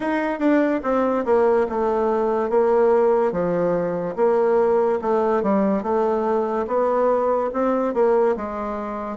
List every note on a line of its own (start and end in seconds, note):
0.00 0.39 D#4
0.39 0.81 D4
0.83 1.24 C4
1.25 1.66 A#3
1.69 2.49 A3
2.49 3.31 A#3
3.31 4.15 F3
4.16 4.99 A#3
5.01 5.42 A3
5.42 5.83 G3
5.83 6.66 A3
6.67 7.50 B3
7.53 7.94 C4
7.94 8.35 A#3
8.36 9.17 G#3